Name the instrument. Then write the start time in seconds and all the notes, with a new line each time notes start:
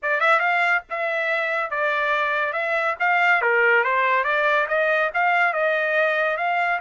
trumpet
0.02 D5
0.20 E5
0.39 F5
0.89 E5
1.70 D5
2.53 E5
2.99 F5
3.41 A#4
3.84 C5
4.24 D5
4.68 D#5
5.14 F5
5.53 D#5
6.37 F5